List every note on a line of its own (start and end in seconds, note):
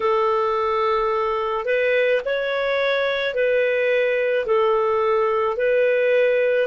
0.00 1.65 A4
1.65 2.20 B4
2.25 3.34 C#5
3.34 4.45 B4
4.45 5.56 A4
5.56 6.67 B4